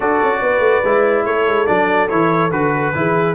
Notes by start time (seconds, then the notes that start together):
0.00 D4 F#4 A4 D5
0.23 C#4
0.41 B3 B4
0.59 A3
0.83 G#3 E4
1.25 A3 A4 C#5
1.46 G#3
1.66 F#3 D4 D5
2.08 E3 E4 C#5
2.51 D3 F#4 B4
2.94 E3 E4 G#4